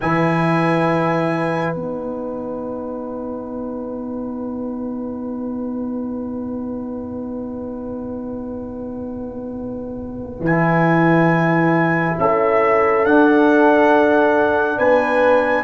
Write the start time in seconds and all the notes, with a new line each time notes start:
0.00 E3 E4 B4 G#5
1.74 B3 D#4 F#5
10.40 E3 E4 G#5
12.18 C#4 A4 E5
13.04 D4 F#5
14.78 B3 B4 G#5